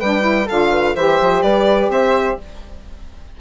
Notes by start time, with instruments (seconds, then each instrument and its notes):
0.00 bassoon G3, saxophone D4, flute B4, violin G5
0.21 saxophone E4
0.46 bassoon D3, saxophone F4, flute A4, violin F5
0.71 flute B4
0.95 bassoon E3, saxophone G4, flute C5, violin E5
1.22 bassoon F3
1.42 bassoon G3, flute B4, violin D5
1.89 bassoon C4, flute C5, violin E5